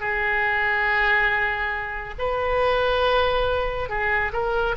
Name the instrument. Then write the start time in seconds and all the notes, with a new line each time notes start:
oboe
0.00 G#4
2.19 B4
3.89 G#4
4.33 A#4